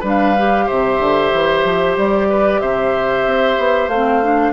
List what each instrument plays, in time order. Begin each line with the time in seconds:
0.00 bassoon G3, clarinet D4, oboe B4
0.08 flute F5
0.38 clarinet G4
0.67 bassoon C3, oboe C5, flute E5
0.99 bassoon D3
1.33 bassoon E3
1.65 bassoon F3
1.97 bassoon G3, flute D5
2.29 oboe B4
2.60 bassoon C3, oboe C5, flute E5
3.25 bassoon C4
3.58 bassoon B3
3.88 bassoon A3, clarinet C4, flute F5
4.23 clarinet D4